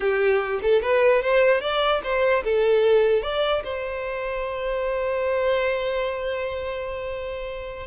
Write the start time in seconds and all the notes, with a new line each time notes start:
0.00 G4
0.62 A4
0.81 B4
1.22 C5
1.60 D5
2.03 C5
2.44 A4
3.22 D5
3.64 C5